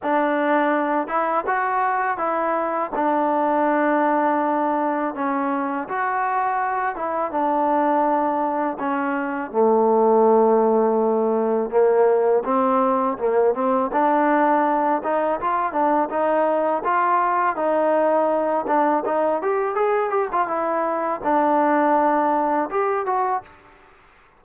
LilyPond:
\new Staff \with { instrumentName = "trombone" } { \time 4/4 \tempo 4 = 82 d'4. e'8 fis'4 e'4 | d'2. cis'4 | fis'4. e'8 d'2 | cis'4 a2. |
ais4 c'4 ais8 c'8 d'4~ | d'8 dis'8 f'8 d'8 dis'4 f'4 | dis'4. d'8 dis'8 g'8 gis'8 g'16 f'16 | e'4 d'2 g'8 fis'8 | }